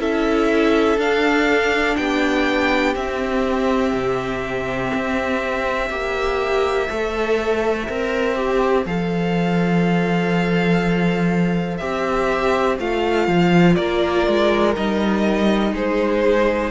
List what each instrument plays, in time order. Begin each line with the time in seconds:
0.00 cello C#4, viola E4, violin A4 E5
0.98 cello D4, viola D4, violin F5
1.97 cello B3, violin G4 G5
2.95 viola C4, cello C4, violin E5
3.94 cello C3
4.94 cello C4
5.89 cello A#3, viola G4, violin C5
6.90 cello A3, viola A4
7.89 cello C4, viola A#4
8.36 viola G4
8.86 cello F3, viola A4, violin F5
11.78 cello C4, viola G4, violin E5
12.80 cello A3, viola F4, violin F5
13.28 cello F3
13.76 cello A#3, violin A#4 D5
14.28 cello G#3
14.76 cello G3, viola D#4, violin D#5
15.73 cello G#3, violin G#4 C5